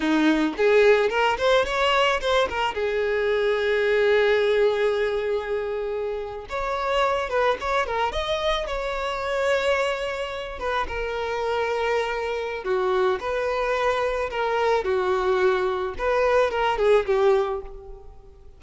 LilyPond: \new Staff \with { instrumentName = "violin" } { \time 4/4 \tempo 4 = 109 dis'4 gis'4 ais'8 c''8 cis''4 | c''8 ais'8 gis'2.~ | gis'2.~ gis'8. cis''16~ | cis''4~ cis''16 b'8 cis''8 ais'8 dis''4 cis''16~ |
cis''2.~ cis''16 b'8 ais'16~ | ais'2. fis'4 | b'2 ais'4 fis'4~ | fis'4 b'4 ais'8 gis'8 g'4 | }